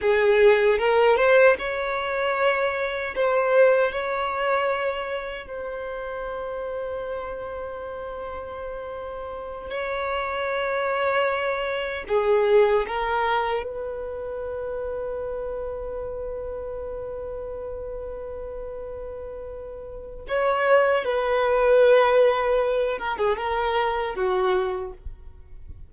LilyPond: \new Staff \with { instrumentName = "violin" } { \time 4/4 \tempo 4 = 77 gis'4 ais'8 c''8 cis''2 | c''4 cis''2 c''4~ | c''1~ | c''8 cis''2. gis'8~ |
gis'8 ais'4 b'2~ b'8~ | b'1~ | b'2 cis''4 b'4~ | b'4. ais'16 gis'16 ais'4 fis'4 | }